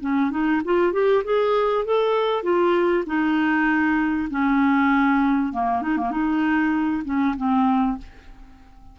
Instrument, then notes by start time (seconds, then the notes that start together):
clarinet
0.00 C#4
0.30 D#4
0.64 F4
0.92 G4
1.24 G#4
1.85 A4
2.42 F4
3.06 D#4
4.30 C#4
5.52 A#3
5.82 D#4
5.97 A#3
6.11 D#4
7.04 C#4
7.36 C4